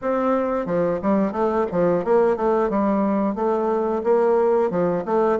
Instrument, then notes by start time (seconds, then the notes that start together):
bassoon
0.01 C4
0.66 F3
1.01 G3
1.32 A3
1.71 F3
2.04 A#3
2.36 A3
2.69 G3
3.35 A3
4.03 A#3
4.70 F3
5.05 A3